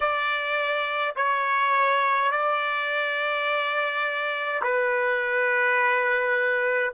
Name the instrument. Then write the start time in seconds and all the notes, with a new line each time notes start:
trumpet
0.00 D5
1.15 C#5
2.31 D5
4.63 B4